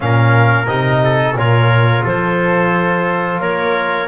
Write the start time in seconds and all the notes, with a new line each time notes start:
0.00 A#2 C#4 A#4 F5
0.66 C3 D#4 D#5
1.03 A4
1.35 A#2 F4 A#4 C#5
2.04 F3 A4 C5
3.40 A#3 A#4 C#5